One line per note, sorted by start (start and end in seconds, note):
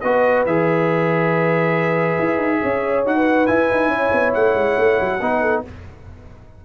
0.00 0.45 B3
0.00 0.47 F#4
0.00 2.61 B4
0.00 0.43 D#5
0.45 2.18 E3
0.45 3.05 G#4
0.45 3.05 E5
2.19 2.37 E4
2.37 2.59 D#4
2.62 3.05 C#4
2.62 3.15 C#5
3.05 3.48 D#4
3.05 3.47 F#4
3.05 3.46 F#5
3.15 3.90 B4
3.46 5.20 E4
3.46 3.71 E4
3.46 4.32 G#5
3.71 3.88 D#4
3.88 4.09 C#4
3.88 5.19 C#5
4.12 4.34 B3
4.33 4.54 A3
4.33 5.63 F#5
4.54 4.75 G#3
4.78 4.99 A3
5.00 5.20 F#3
5.20 5.63 B3
5.20 5.64 D#4
5.20 5.41 B4
5.41 5.63 A4